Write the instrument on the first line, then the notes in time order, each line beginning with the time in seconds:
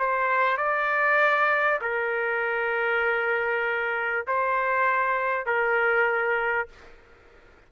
trumpet
0.00 C5
0.58 D5
1.82 A#4
4.27 C5
5.47 A#4